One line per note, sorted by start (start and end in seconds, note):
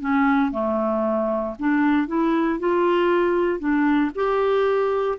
0.00 0.51 C#4
0.51 1.55 A3
1.59 2.07 D4
2.07 2.59 E4
2.59 3.59 F4
3.59 4.11 D4
4.15 5.18 G4